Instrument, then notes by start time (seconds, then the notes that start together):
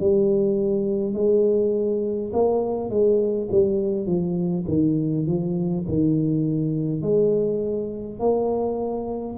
tuba
0.00 G3
1.14 G#3
2.33 A#3
2.90 G#3
3.52 G3
4.06 F3
4.68 D#3
5.27 F3
5.89 D#3
7.02 G#3
8.20 A#3